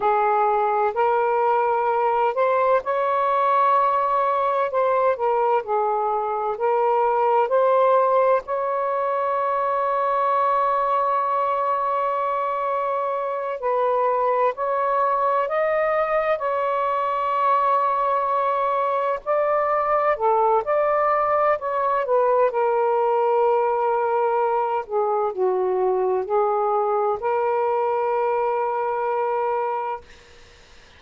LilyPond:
\new Staff \with { instrumentName = "saxophone" } { \time 4/4 \tempo 4 = 64 gis'4 ais'4. c''8 cis''4~ | cis''4 c''8 ais'8 gis'4 ais'4 | c''4 cis''2.~ | cis''2~ cis''8 b'4 cis''8~ |
cis''8 dis''4 cis''2~ cis''8~ | cis''8 d''4 a'8 d''4 cis''8 b'8 | ais'2~ ais'8 gis'8 fis'4 | gis'4 ais'2. | }